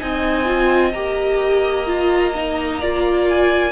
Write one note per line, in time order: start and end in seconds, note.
0.00 0.94 C4
0.00 0.45 D#4
0.00 2.81 D#5
0.00 0.93 G#5
0.45 0.92 F4
0.93 3.72 A#3
0.93 1.87 G4
0.93 3.28 A#5
1.87 2.34 F4
2.35 2.82 D#4
2.81 3.72 F4
2.81 3.72 D5
3.29 3.72 G#5